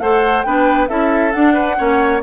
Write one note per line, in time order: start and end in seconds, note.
0.00 0.44 A3
0.00 0.46 A4
0.00 0.47 C5
0.00 0.43 F#5
0.43 0.90 B3
0.43 0.89 D4
0.43 0.89 B4
0.43 0.87 G5
0.88 1.34 C#4
0.88 1.33 E4
0.88 1.54 A4
0.88 1.32 E5
1.32 1.77 D4
1.32 1.79 D4
1.32 2.21 F#5
1.54 1.76 B4
1.77 2.23 A#3
1.77 2.22 C#4
1.77 2.22 C#5